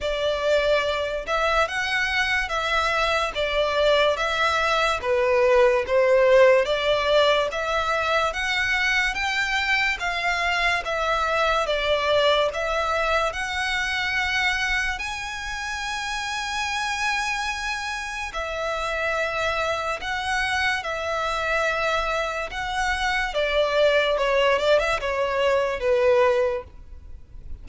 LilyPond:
\new Staff \with { instrumentName = "violin" } { \time 4/4 \tempo 4 = 72 d''4. e''8 fis''4 e''4 | d''4 e''4 b'4 c''4 | d''4 e''4 fis''4 g''4 | f''4 e''4 d''4 e''4 |
fis''2 gis''2~ | gis''2 e''2 | fis''4 e''2 fis''4 | d''4 cis''8 d''16 e''16 cis''4 b'4 | }